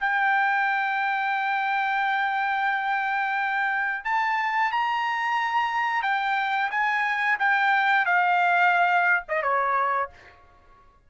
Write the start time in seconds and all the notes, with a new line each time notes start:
0.00 G5
4.04 A5
4.72 A#5
6.02 G5
6.71 G#5
7.39 G5
8.06 F5
9.28 D#5
9.42 C#5